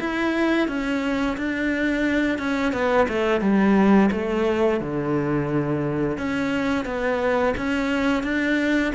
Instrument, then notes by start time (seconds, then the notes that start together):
cello
0.00 E4
0.68 C#4
1.37 D4
2.39 C#4
2.73 B3
3.08 A3
3.41 G3
4.12 A3
4.81 D3
6.18 C#4
6.85 B3
7.57 C#4
8.23 D4